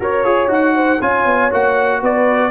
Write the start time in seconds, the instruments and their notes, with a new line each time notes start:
0.00 tuba F#4, trombone A#4, horn C#5, trumpet C#5
0.25 tuba F4, trombone G#4
0.48 tuba D#4, trombone F#4, trumpet F#5
0.75 horn C5
1.01 tuba C#4, trombone F4, horn C#5, trumpet G#5
1.25 tuba B3
1.51 tuba A#3, trombone F#4, trumpet F#5
2.01 tuba B3, horn B4, trumpet D5